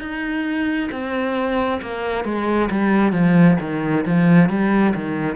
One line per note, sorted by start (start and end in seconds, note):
0.00 0.90 D#4
0.91 1.81 C4
1.82 2.25 A#3
2.25 2.69 G#3
2.70 3.12 G3
3.12 3.57 F3
3.60 4.05 D#3
4.06 4.49 F3
4.49 4.94 G3
4.95 5.36 D#3